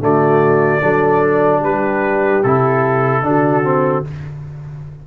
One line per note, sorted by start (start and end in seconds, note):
0.00 0.81 D3
0.00 0.82 A3
0.00 0.83 F#4
0.00 1.64 D5
0.82 1.63 F#3
0.82 2.44 D4
0.82 1.61 A4
1.61 2.44 G3
1.61 3.23 G4
1.61 2.44 B4
2.44 3.22 C3
2.44 3.23 E4
2.44 4.06 A4
3.22 4.03 D3
3.22 3.64 D4
3.22 4.08 F#4
3.64 4.05 C4